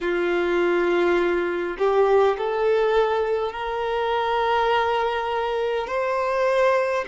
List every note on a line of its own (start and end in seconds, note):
0.01 1.77 F4
1.78 2.36 G4
2.37 3.52 A4
3.52 5.87 A#4
5.87 7.04 C5